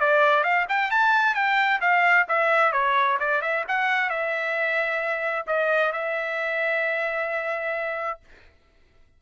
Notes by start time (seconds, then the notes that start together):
0.00 D5
0.44 F5
0.69 G5
0.91 A5
1.35 G5
1.81 F5
2.29 E5
2.73 C#5
3.20 D5
3.42 E5
3.68 F#5
4.10 E5
5.47 D#5
5.93 E5